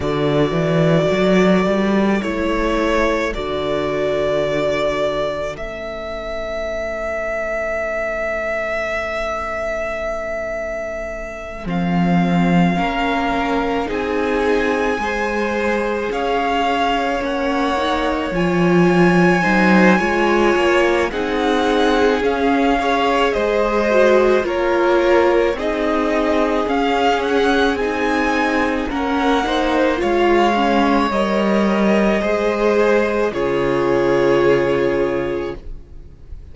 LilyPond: <<
  \new Staff \with { instrumentName = "violin" } { \time 4/4 \tempo 4 = 54 d''2 cis''4 d''4~ | d''4 e''2.~ | e''2~ e''8 f''4.~ | f''8 gis''2 f''4 fis''8~ |
fis''8 gis''2~ gis''8 fis''4 | f''4 dis''4 cis''4 dis''4 | f''8 fis''8 gis''4 fis''4 f''4 | dis''2 cis''2 | }
  \new Staff \with { instrumentName = "violin" } { \time 4/4 a'1~ | a'1~ | a'2.~ a'8 ais'8~ | ais'8 gis'4 c''4 cis''4.~ |
cis''4. c''8 cis''4 gis'4~ | gis'8 cis''8 c''4 ais'4 gis'4~ | gis'2 ais'8 c''8 cis''4~ | cis''4 c''4 gis'2 | }
  \new Staff \with { instrumentName = "viola" } { \time 4/4 fis'2 e'4 fis'4~ | fis'4 cis'2.~ | cis'2~ cis'8 c'4 cis'8~ | cis'8 dis'4 gis'2 cis'8 |
dis'8 f'4 dis'8 f'4 dis'4 | cis'8 gis'4 fis'8 f'4 dis'4 | cis'4 dis'4 cis'8 dis'8 f'8 cis'8 | ais'4 gis'4 f'2 | }
  \new Staff \with { instrumentName = "cello" } { \time 4/4 d8 e8 fis8 g8 a4 d4~ | d4 a2.~ | a2~ a8 f4 ais8~ | ais8 c'4 gis4 cis'4 ais8~ |
ais8 f4 fis8 gis8 ais8 c'4 | cis'4 gis4 ais4 c'4 | cis'4 c'4 ais4 gis4 | g4 gis4 cis2 | }
>>